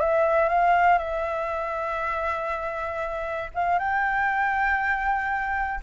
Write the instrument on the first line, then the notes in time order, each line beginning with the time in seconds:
flute
0.00 E5
0.49 F5
0.98 E5
3.54 F5
3.78 G5